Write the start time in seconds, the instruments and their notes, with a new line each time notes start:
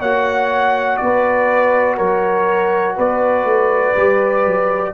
0.00 tuba A#3, trombone F#4, horn C#5, trumpet F#5
0.97 tuba B3, trumpet D5
1.03 horn B4
1.97 tuba F#3, horn A#4, trumpet C#5
2.97 tuba B3, horn B4, trumpet D5
3.44 tuba A3
3.96 tuba G3, trombone G4
4.45 tuba F#3